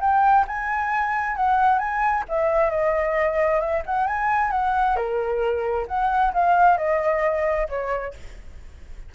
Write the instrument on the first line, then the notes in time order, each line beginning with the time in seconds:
flute
0.00 G5
0.47 G#5
1.36 F#5
1.79 G#5
2.29 E5
2.70 D#5
3.60 E5
3.86 F#5
4.07 G#5
4.51 F#5
4.96 A#4
5.87 F#5
6.34 F5
6.77 D#5
7.69 C#5